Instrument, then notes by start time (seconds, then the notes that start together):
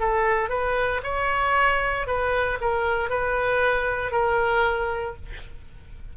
oboe
0.00 A4
0.50 B4
1.03 C#5
2.07 B4
2.61 A#4
3.10 B4
4.12 A#4